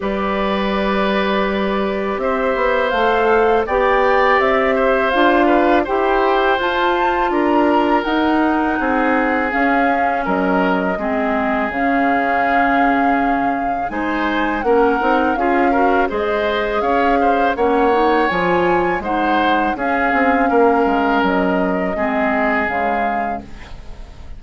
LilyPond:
<<
  \new Staff \with { instrumentName = "flute" } { \time 4/4 \tempo 4 = 82 d''2. e''4 | f''4 g''4 e''4 f''4 | g''4 a''4 ais''4 fis''4~ | fis''4 f''4 dis''2 |
f''2. gis''4 | fis''4 f''4 dis''4 f''4 | fis''4 gis''4 fis''4 f''4~ | f''4 dis''2 f''4 | }
  \new Staff \with { instrumentName = "oboe" } { \time 4/4 b'2. c''4~ | c''4 d''4. c''4 b'8 | c''2 ais'2 | gis'2 ais'4 gis'4~ |
gis'2. c''4 | ais'4 gis'8 ais'8 c''4 cis''8 c''8 | cis''2 c''4 gis'4 | ais'2 gis'2 | }
  \new Staff \with { instrumentName = "clarinet" } { \time 4/4 g'1 | a'4 g'2 f'4 | g'4 f'2 dis'4~ | dis'4 cis'2 c'4 |
cis'2. dis'4 | cis'8 dis'8 f'8 fis'8 gis'2 | cis'8 dis'8 f'4 dis'4 cis'4~ | cis'2 c'4 gis4 | }
  \new Staff \with { instrumentName = "bassoon" } { \time 4/4 g2. c'8 b8 | a4 b4 c'4 d'4 | e'4 f'4 d'4 dis'4 | c'4 cis'4 fis4 gis4 |
cis2. gis4 | ais8 c'8 cis'4 gis4 cis'4 | ais4 f4 gis4 cis'8 c'8 | ais8 gis8 fis4 gis4 cis4 | }
>>